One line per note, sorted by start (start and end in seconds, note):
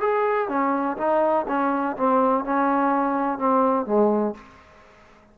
0.00 0.48 G#4
0.48 0.97 C#4
0.97 1.45 D#4
1.48 1.96 C#4
1.96 2.44 C4
2.44 3.38 C#4
3.38 3.86 C4
3.86 4.34 G#3